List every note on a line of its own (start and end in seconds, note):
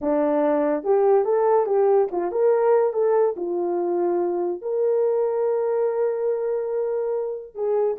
0.01 0.83 D4
0.83 1.25 G4
1.25 1.66 A4
1.66 2.08 G4
2.11 2.31 F4
2.31 2.93 A#4
2.93 3.35 A4
3.36 4.61 F4
4.61 7.54 A#4
7.54 7.96 G#4